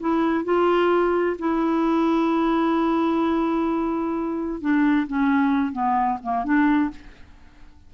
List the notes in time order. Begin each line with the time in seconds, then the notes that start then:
0.00 E4
0.44 F4
1.39 E4
4.61 D4
5.07 C#4
5.72 B3
6.23 A#3
6.44 D4